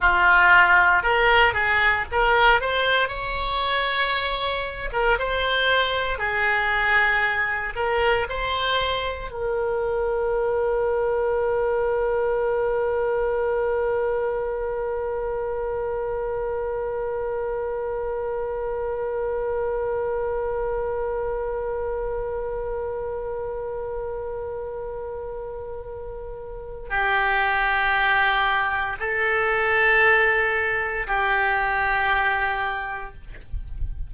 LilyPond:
\new Staff \with { instrumentName = "oboe" } { \time 4/4 \tempo 4 = 58 f'4 ais'8 gis'8 ais'8 c''8 cis''4~ | cis''8. ais'16 c''4 gis'4. ais'8 | c''4 ais'2.~ | ais'1~ |
ais'1~ | ais'1~ | ais'2 g'2 | a'2 g'2 | }